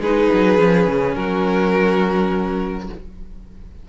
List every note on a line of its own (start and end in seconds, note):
0.00 0.29 G#3
0.00 0.58 D#4
0.00 1.17 G#4
0.00 1.15 B4
0.33 0.59 F#3
0.58 0.87 F3
0.58 2.89 C#4
0.87 1.16 C#3
1.15 2.89 F#3
1.15 2.90 F#4
1.15 2.88 A#4